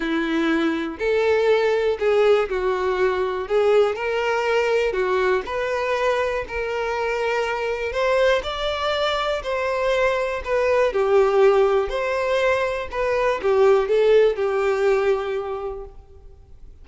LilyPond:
\new Staff \with { instrumentName = "violin" } { \time 4/4 \tempo 4 = 121 e'2 a'2 | gis'4 fis'2 gis'4 | ais'2 fis'4 b'4~ | b'4 ais'2. |
c''4 d''2 c''4~ | c''4 b'4 g'2 | c''2 b'4 g'4 | a'4 g'2. | }